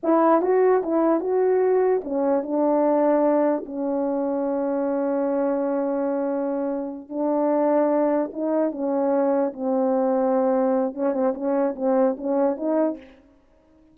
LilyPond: \new Staff \with { instrumentName = "horn" } { \time 4/4 \tempo 4 = 148 e'4 fis'4 e'4 fis'4~ | fis'4 cis'4 d'2~ | d'4 cis'2.~ | cis'1~ |
cis'4. d'2~ d'8~ | d'8 dis'4 cis'2 c'8~ | c'2. cis'8 c'8 | cis'4 c'4 cis'4 dis'4 | }